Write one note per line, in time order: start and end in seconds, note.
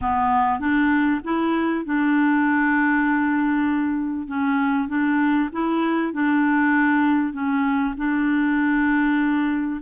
0.01 0.59 B3
0.59 1.21 D4
1.24 1.85 E4
1.85 4.27 D4
4.27 4.88 C#4
4.88 5.49 D4
5.52 6.13 E4
6.13 7.33 D4
7.33 7.94 C#4
7.97 9.80 D4